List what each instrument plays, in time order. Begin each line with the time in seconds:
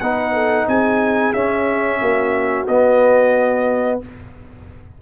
0.00 tuba B3, trombone D#4, horn B4, trumpet F#5
0.33 horn A4
0.67 tuba C4, horn G#4, trumpet G#5
1.33 tuba C#4, trombone C#4, trumpet E5
2.00 tuba A#3, horn F#4
2.67 tuba B3, trombone B3, trumpet D#5